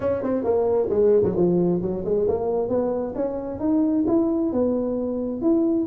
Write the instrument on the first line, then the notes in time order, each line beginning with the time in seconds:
tuba
0.00 C#4
0.23 C4
0.43 A#3
0.89 G#3
1.23 F#3
1.36 F3
1.82 F#3
2.04 G#3
2.28 A#3
2.68 B3
3.15 C#4
3.59 D#4
4.07 E4
4.52 B3
5.41 E4